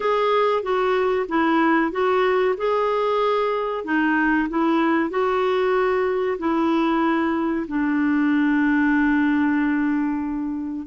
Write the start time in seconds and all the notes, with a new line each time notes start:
0.00 G#4
0.62 F#4
1.28 E4
1.91 F#4
2.57 G#4
3.84 D#4
4.49 E4
5.10 F#4
6.38 E4
7.67 D4